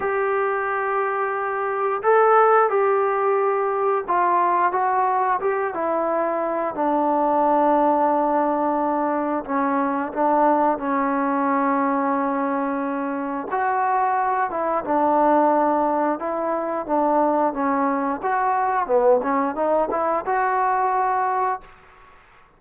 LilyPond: \new Staff \with { instrumentName = "trombone" } { \time 4/4 \tempo 4 = 89 g'2. a'4 | g'2 f'4 fis'4 | g'8 e'4. d'2~ | d'2 cis'4 d'4 |
cis'1 | fis'4. e'8 d'2 | e'4 d'4 cis'4 fis'4 | b8 cis'8 dis'8 e'8 fis'2 | }